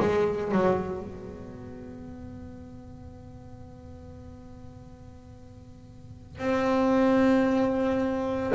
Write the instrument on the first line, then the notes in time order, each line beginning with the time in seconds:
double bass
0.00 G#3
0.52 F#3
1.03 B3
6.39 C4